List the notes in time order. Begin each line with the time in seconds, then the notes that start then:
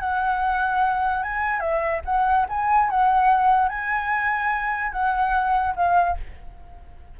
0.00 F#5
1.23 G#5
1.60 E5
2.05 F#5
2.49 G#5
2.90 F#5
3.69 G#5
4.92 F#5
5.76 F5